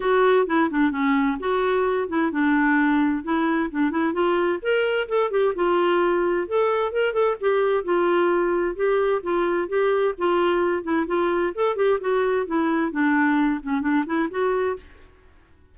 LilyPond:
\new Staff \with { instrumentName = "clarinet" } { \time 4/4 \tempo 4 = 130 fis'4 e'8 d'8 cis'4 fis'4~ | fis'8 e'8 d'2 e'4 | d'8 e'8 f'4 ais'4 a'8 g'8 | f'2 a'4 ais'8 a'8 |
g'4 f'2 g'4 | f'4 g'4 f'4. e'8 | f'4 a'8 g'8 fis'4 e'4 | d'4. cis'8 d'8 e'8 fis'4 | }